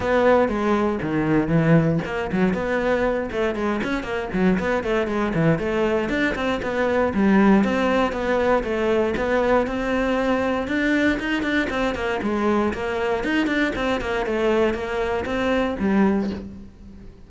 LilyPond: \new Staff \with { instrumentName = "cello" } { \time 4/4 \tempo 4 = 118 b4 gis4 dis4 e4 | ais8 fis8 b4. a8 gis8 cis'8 | ais8 fis8 b8 a8 gis8 e8 a4 | d'8 c'8 b4 g4 c'4 |
b4 a4 b4 c'4~ | c'4 d'4 dis'8 d'8 c'8 ais8 | gis4 ais4 dis'8 d'8 c'8 ais8 | a4 ais4 c'4 g4 | }